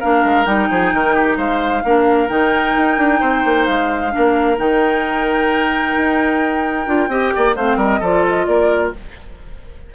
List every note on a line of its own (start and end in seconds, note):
0.00 0.25 A#3
0.00 0.46 D4
0.00 0.69 A#4
0.00 0.46 F5
0.25 0.46 G#3
0.46 0.69 G3
0.46 1.83 D#4
0.46 1.37 G5
0.70 0.93 F3
0.70 0.94 G#4
0.94 1.37 D#3
0.94 1.15 A#4
1.15 1.37 G4
1.37 1.83 G#3
1.37 1.83 C5
1.37 2.29 F5
1.85 2.30 A#3
1.85 2.29 D4
1.85 3.20 A#4
2.29 2.76 D#3
2.29 4.11 D#4
2.29 3.66 G5
2.77 2.98 D#4
2.98 3.21 D4
3.20 3.45 C4
3.20 4.12 C5
3.45 3.68 A#3
3.66 4.14 G#3
3.66 4.57 F5
4.11 4.57 D4
4.11 7.11 A#4
4.18 4.59 A#3
4.58 5.96 D#3
4.58 6.87 D#4
4.58 7.56 G5
5.97 6.87 D#4
6.87 7.09 D4
6.87 7.10 F4
7.09 7.31 C4
7.09 7.56 G4
7.09 7.33 D#5
7.36 7.56 A#3
7.36 7.56 D5
7.56 7.77 A3
7.56 8.03 C4
7.56 7.78 C5
7.56 7.79 F5
7.77 8.00 G3
7.77 8.00 A#4
7.83 8.04 D#5
8.00 8.48 F3
8.00 8.95 F4
8.00 8.46 A4
8.00 8.27 D5
8.29 8.46 D#5
8.46 8.93 A#3
8.46 8.94 A#4
8.46 8.92 D5